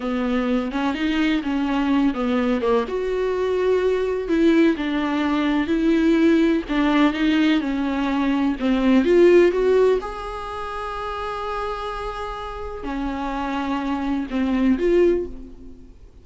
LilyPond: \new Staff \with { instrumentName = "viola" } { \time 4/4 \tempo 4 = 126 b4. cis'8 dis'4 cis'4~ | cis'8 b4 ais8 fis'2~ | fis'4 e'4 d'2 | e'2 d'4 dis'4 |
cis'2 c'4 f'4 | fis'4 gis'2.~ | gis'2. cis'4~ | cis'2 c'4 f'4 | }